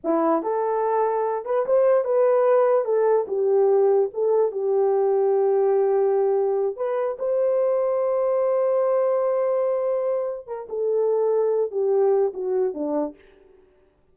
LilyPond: \new Staff \with { instrumentName = "horn" } { \time 4/4 \tempo 4 = 146 e'4 a'2~ a'8 b'8 | c''4 b'2 a'4 | g'2 a'4 g'4~ | g'1~ |
g'8 b'4 c''2~ c''8~ | c''1~ | c''4. ais'8 a'2~ | a'8 g'4. fis'4 d'4 | }